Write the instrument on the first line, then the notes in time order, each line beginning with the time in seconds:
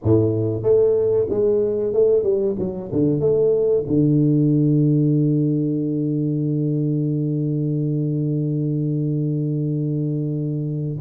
tuba
0.03 A2
0.62 A3
1.29 G#3
1.93 A3
2.23 G3
2.58 F#3
2.91 D3
3.20 A3
3.87 D3